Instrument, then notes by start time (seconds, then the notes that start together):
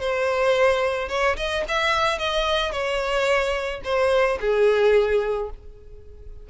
violin
0.00 C5
1.09 C#5
1.37 D#5
1.68 E5
2.18 D#5
2.72 C#5
3.84 C5
4.41 G#4